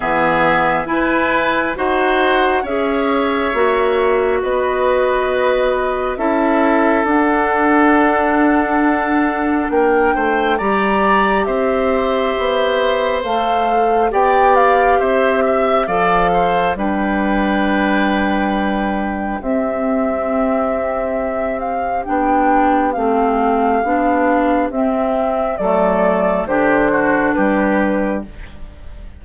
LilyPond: <<
  \new Staff \with { instrumentName = "flute" } { \time 4/4 \tempo 4 = 68 e''4 gis''4 fis''4 e''4~ | e''4 dis''2 e''4 | fis''2. g''4 | ais''4 e''2 f''4 |
g''8 f''8 e''4 f''4 g''4~ | g''2 e''2~ | e''8 f''8 g''4 f''2 | e''4 d''4 c''4 b'4 | }
  \new Staff \with { instrumentName = "oboe" } { \time 4/4 gis'4 b'4 c''4 cis''4~ | cis''4 b'2 a'4~ | a'2. ais'8 c''8 | d''4 c''2. |
d''4 c''8 e''8 d''8 c''8 b'4~ | b'2 g'2~ | g'1~ | g'4 a'4 g'8 fis'8 g'4 | }
  \new Staff \with { instrumentName = "clarinet" } { \time 4/4 b4 e'4 fis'4 gis'4 | fis'2. e'4 | d'1 | g'2. a'4 |
g'2 a'4 d'4~ | d'2 c'2~ | c'4 d'4 c'4 d'4 | c'4 a4 d'2 | }
  \new Staff \with { instrumentName = "bassoon" } { \time 4/4 e4 e'4 dis'4 cis'4 | ais4 b2 cis'4 | d'2. ais8 a8 | g4 c'4 b4 a4 |
b4 c'4 f4 g4~ | g2 c'2~ | c'4 b4 a4 b4 | c'4 fis4 d4 g4 | }
>>